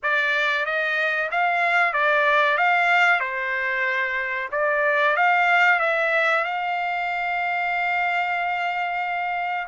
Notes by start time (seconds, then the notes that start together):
0.02 D5
0.65 D#5
1.31 F5
1.93 D5
2.57 F5
3.20 C5
4.51 D5
5.16 F5
5.79 E5
6.44 F5